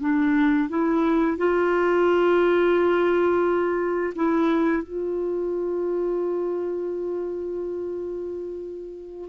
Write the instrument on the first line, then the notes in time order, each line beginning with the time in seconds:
clarinet
0.00 D4
0.69 E4
1.37 F4
4.15 E4
4.83 F4